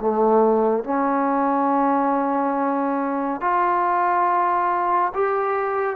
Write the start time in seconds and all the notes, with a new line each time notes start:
0.00 A3
0.83 C#4
3.41 F4
5.14 G4